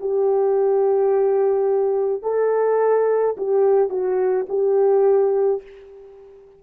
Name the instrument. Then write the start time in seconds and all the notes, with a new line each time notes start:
horn
0.00 G4
2.22 A4
3.37 G4
3.89 F#4
4.49 G4